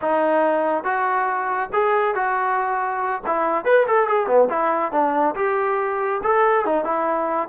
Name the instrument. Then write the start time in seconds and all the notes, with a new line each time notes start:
trombone
0.01 D#4
0.84 F#4
1.72 G#4
2.14 F#4
3.26 E4
3.64 B4
3.87 A4
4.07 G#4
4.26 B3
4.49 E4
4.91 D4
5.35 G4
6.23 A4
6.65 D#4
6.84 E4